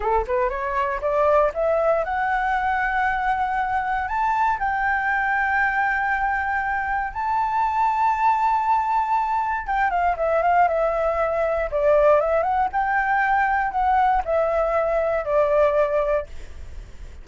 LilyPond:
\new Staff \with { instrumentName = "flute" } { \time 4/4 \tempo 4 = 118 a'8 b'8 cis''4 d''4 e''4 | fis''1 | a''4 g''2.~ | g''2 a''2~ |
a''2. g''8 f''8 | e''8 f''8 e''2 d''4 | e''8 fis''8 g''2 fis''4 | e''2 d''2 | }